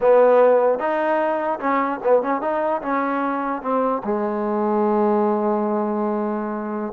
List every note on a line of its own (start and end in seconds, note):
0.01 0.79 B3
0.79 1.59 D#4
1.59 1.99 C#4
2.03 2.22 B3
2.22 2.41 C#4
2.41 2.81 D#4
2.82 3.62 C#4
3.62 4.02 C4
4.04 6.93 G#3